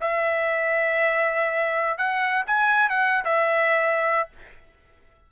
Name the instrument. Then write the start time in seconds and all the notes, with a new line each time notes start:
trumpet
0.00 E5
1.98 F#5
2.46 G#5
2.89 F#5
3.24 E5